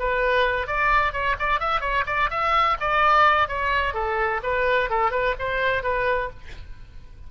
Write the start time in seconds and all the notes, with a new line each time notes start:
0.00 B4
0.68 D5
1.13 C#5
1.39 D5
1.60 E5
1.81 C#5
2.07 D5
2.31 E5
2.81 D5
3.49 C#5
3.94 A4
4.44 B4
4.90 A4
5.12 B4
5.40 C5
5.83 B4